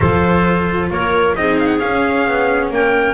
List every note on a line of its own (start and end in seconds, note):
0.00 0.90 F3
0.00 1.36 F4
0.00 0.90 A4
0.00 0.89 C5
0.90 1.35 A#3
0.90 1.37 A#4
0.90 1.35 C#5
1.35 1.81 C4
1.35 1.79 D#4
1.35 2.73 G#4
1.35 1.58 D#5
1.59 1.67 F5
1.67 1.78 F#5
1.79 3.14 C#4
1.79 2.27 C#4
1.79 2.69 F5
2.27 2.70 B3
2.70 3.14 A#3
2.70 3.14 A#4
2.70 3.14 G5